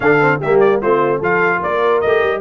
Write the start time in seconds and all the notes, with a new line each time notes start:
0.00 D3 D4 A4 F5
0.19 C4
0.40 G3 A#3 G4 E5
0.59 D5
0.82 A3 C4 F4 C5
1.17 F3 F4 A4 F5
1.59 A#3 A#4 D5
2.00 A3 G4 D#5
2.23 G3